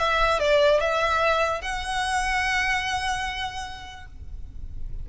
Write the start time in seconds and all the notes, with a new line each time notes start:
0.00 E5
0.40 D5
0.81 E5
1.62 F#5